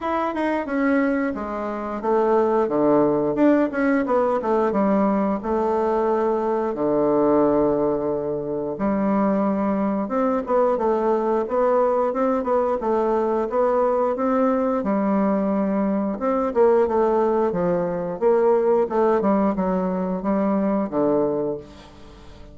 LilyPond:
\new Staff \with { instrumentName = "bassoon" } { \time 4/4 \tempo 4 = 89 e'8 dis'8 cis'4 gis4 a4 | d4 d'8 cis'8 b8 a8 g4 | a2 d2~ | d4 g2 c'8 b8 |
a4 b4 c'8 b8 a4 | b4 c'4 g2 | c'8 ais8 a4 f4 ais4 | a8 g8 fis4 g4 d4 | }